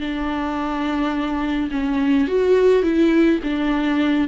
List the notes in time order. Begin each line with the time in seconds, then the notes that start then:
0.00 D4
1.71 C#4
2.27 F#4
2.83 E4
3.43 D4